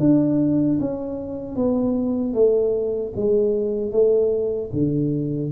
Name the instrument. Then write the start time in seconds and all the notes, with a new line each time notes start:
tuba
0.00 D4
0.80 C#4
1.56 B3
2.34 A3
3.17 G#3
3.92 A3
4.73 D3